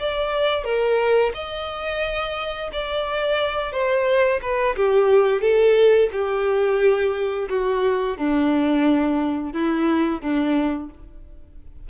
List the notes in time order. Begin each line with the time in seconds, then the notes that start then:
0.00 D5
0.64 A#4
1.35 D#5
2.73 D5
3.73 C5
4.42 B4
4.76 G4
5.42 A4
6.13 G4
7.50 F#4
8.18 D4
9.54 E4
10.22 D4